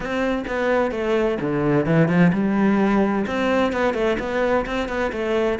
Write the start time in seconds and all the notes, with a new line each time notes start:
0.00 C4
0.47 B3
0.91 A3
1.40 D3
1.86 E3
2.08 F3
2.32 G3
3.26 C4
3.72 B3
3.93 A3
4.19 B3
4.66 C4
4.88 B3
5.12 A3